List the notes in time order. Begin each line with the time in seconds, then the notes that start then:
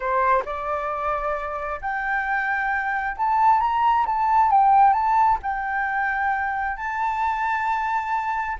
0.00 C5
0.45 D5
1.81 G5
3.17 A5
3.60 A#5
4.06 A5
4.51 G5
4.93 A5
5.42 G5
6.77 A5